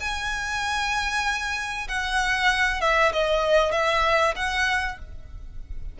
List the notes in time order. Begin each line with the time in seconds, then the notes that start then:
0.00 G#5
1.88 F#5
2.81 E5
3.12 D#5
3.72 E5
4.36 F#5